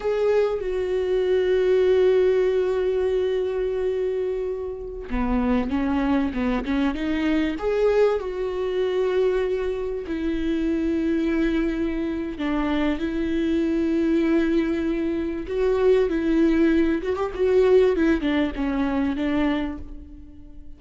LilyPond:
\new Staff \with { instrumentName = "viola" } { \time 4/4 \tempo 4 = 97 gis'4 fis'2.~ | fis'1~ | fis'16 b4 cis'4 b8 cis'8 dis'8.~ | dis'16 gis'4 fis'2~ fis'8.~ |
fis'16 e'2.~ e'8. | d'4 e'2.~ | e'4 fis'4 e'4. fis'16 g'16 | fis'4 e'8 d'8 cis'4 d'4 | }